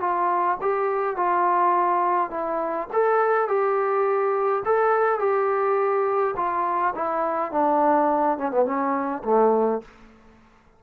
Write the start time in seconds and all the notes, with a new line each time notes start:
0.00 F4
0.61 G4
1.17 F4
2.30 E4
2.93 A4
3.48 G4
4.65 A4
5.19 G4
6.36 F4
6.95 E4
7.52 D4
8.38 C#4
8.51 B3
8.65 C#4
9.24 A3